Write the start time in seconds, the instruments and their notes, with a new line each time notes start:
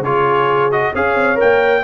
0.00 tuba C#3, trombone F4, horn G#4, trumpet C#5
0.72 trombone F#4, trumpet D#5
0.93 tuba C#4, trombone G#4, horn C#5, trumpet F5
1.16 tuba C4
1.36 trombone A#4, trumpet G5
1.43 tuba A#3